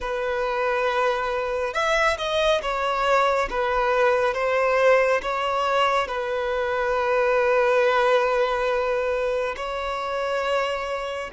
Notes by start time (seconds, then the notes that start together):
0.00 B4
1.73 E5
2.17 D#5
2.62 C#5
3.49 B4
4.34 C5
5.22 C#5
6.07 B4
9.56 C#5